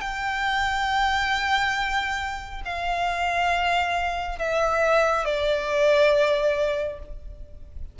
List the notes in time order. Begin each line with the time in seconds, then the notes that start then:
0.00 G5
2.65 F5
4.38 E5
5.25 D5